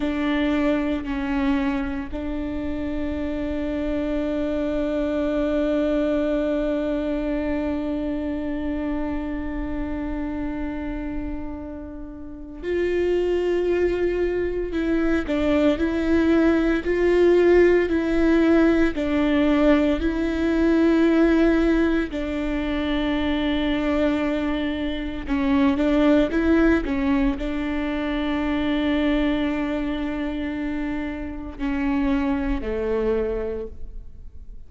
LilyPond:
\new Staff \with { instrumentName = "viola" } { \time 4/4 \tempo 4 = 57 d'4 cis'4 d'2~ | d'1~ | d'1 | f'2 e'8 d'8 e'4 |
f'4 e'4 d'4 e'4~ | e'4 d'2. | cis'8 d'8 e'8 cis'8 d'2~ | d'2 cis'4 a4 | }